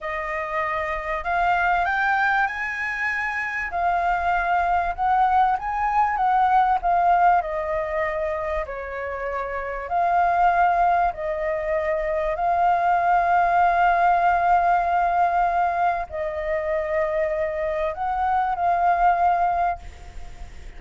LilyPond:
\new Staff \with { instrumentName = "flute" } { \time 4/4 \tempo 4 = 97 dis''2 f''4 g''4 | gis''2 f''2 | fis''4 gis''4 fis''4 f''4 | dis''2 cis''2 |
f''2 dis''2 | f''1~ | f''2 dis''2~ | dis''4 fis''4 f''2 | }